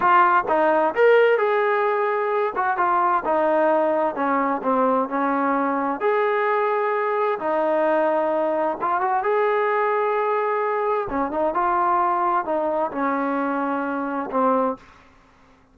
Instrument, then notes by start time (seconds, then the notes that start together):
trombone
0.00 F4
0.48 D#4
0.95 A#4
1.37 G#4
2.55 F#4
2.77 F4
3.24 D#4
4.15 C#4
4.62 C4
5.08 C#4
6.00 G#4
7.39 D#4
8.81 F4
9.00 F#4
9.23 G#4
11.09 C#4
11.31 D#4
11.54 F4
12.45 D#4
12.91 C#4
14.30 C4